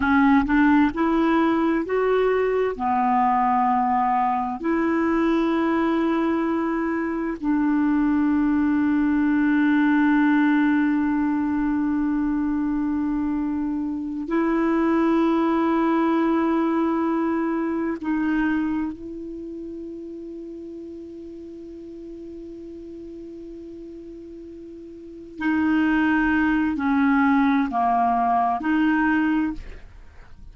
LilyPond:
\new Staff \with { instrumentName = "clarinet" } { \time 4/4 \tempo 4 = 65 cis'8 d'8 e'4 fis'4 b4~ | b4 e'2. | d'1~ | d'2.~ d'8 e'8~ |
e'2.~ e'8 dis'8~ | dis'8 e'2.~ e'8~ | e'2.~ e'8 dis'8~ | dis'4 cis'4 ais4 dis'4 | }